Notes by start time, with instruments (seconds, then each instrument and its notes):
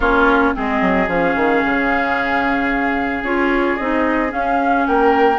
0.00 bassoon A#3, clarinet C#4, oboe F4, flute C#5
0.54 bassoon G#3, clarinet C4, oboe G#4, flute D#5
0.81 bassoon F#3
1.08 bassoon F3, clarinet C#4, flute F5
1.35 bassoon D#3
1.65 bassoon C#3
3.22 bassoon C#4, clarinet F4, flute C#5
3.77 bassoon C4, clarinet D#4, flute D#5
4.28 clarinet C#4, bassoon C#4, flute F5
4.86 bassoon A#3, oboe A#4, flute G5